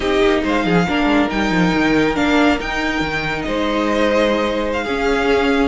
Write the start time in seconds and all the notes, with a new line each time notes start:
0.00 C4 D#4 G4 D#5
0.22 A#3
0.43 G#3 C5 F5
0.65 F3 G#4
0.88 A#3 D4 A#4
1.04 G#3
1.29 G3 D#4 G5
1.50 F3
1.73 D#3
2.15 A#3 D4 F5
2.59 D#4 G5
3.01 D#3
3.42 G#3 C5 D#5
4.73 F5
4.84 C#4 G#4